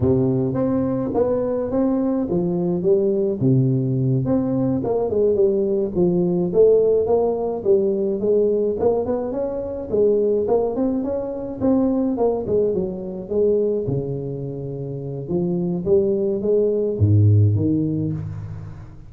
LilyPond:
\new Staff \with { instrumentName = "tuba" } { \time 4/4 \tempo 4 = 106 c4 c'4 b4 c'4 | f4 g4 c4. c'8~ | c'8 ais8 gis8 g4 f4 a8~ | a8 ais4 g4 gis4 ais8 |
b8 cis'4 gis4 ais8 c'8 cis'8~ | cis'8 c'4 ais8 gis8 fis4 gis8~ | gis8 cis2~ cis8 f4 | g4 gis4 gis,4 dis4 | }